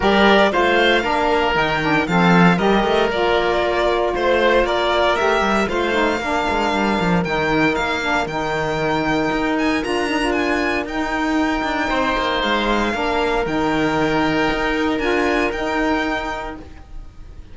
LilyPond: <<
  \new Staff \with { instrumentName = "violin" } { \time 4/4 \tempo 4 = 116 d''4 f''2 g''4 | f''4 dis''4 d''2 | c''4 d''4 e''4 f''4~ | f''2 g''4 f''4 |
g''2~ g''8 gis''8 ais''4 | gis''4 g''2. | f''2 g''2~ | g''4 gis''4 g''2 | }
  \new Staff \with { instrumentName = "oboe" } { \time 4/4 ais'4 c''4 ais'2 | a'4 ais'2. | c''4 ais'2 c''4 | ais'1~ |
ais'1~ | ais'2. c''4~ | c''4 ais'2.~ | ais'1 | }
  \new Staff \with { instrumentName = "saxophone" } { \time 4/4 g'4 f'4 d'4 dis'8 d'8 | c'4 g'4 f'2~ | f'2 g'4 f'8 dis'8 | d'2 dis'4. d'8 |
dis'2. f'8 dis'16 f'16~ | f'4 dis'2.~ | dis'4 d'4 dis'2~ | dis'4 f'4 dis'2 | }
  \new Staff \with { instrumentName = "cello" } { \time 4/4 g4 a4 ais4 dis4 | f4 g8 a8 ais2 | a4 ais4 a8 g8 a4 | ais8 gis8 g8 f8 dis4 ais4 |
dis2 dis'4 d'4~ | d'4 dis'4. d'8 c'8 ais8 | gis4 ais4 dis2 | dis'4 d'4 dis'2 | }
>>